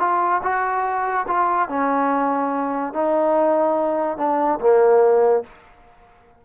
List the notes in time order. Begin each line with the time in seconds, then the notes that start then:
0.00 F4
0.43 F#4
1.27 F4
1.69 C#4
2.94 D#4
4.18 D4
4.61 A#3